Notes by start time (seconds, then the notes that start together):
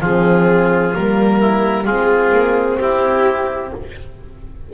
0.00 F3 C4 F4 G#4
0.94 G3 A#3 A#4
1.40 E4
1.84 G#3 C4 F4 G#4
2.32 A#3
2.80 C4 E4 G4